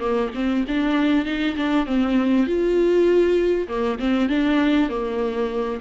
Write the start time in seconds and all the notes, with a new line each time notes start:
0.00 A#3
0.35 C4
0.68 D4
1.26 D#4
1.57 D4
1.87 C4
2.47 F4
3.69 A#3
3.99 C4
4.29 D4
4.90 A#3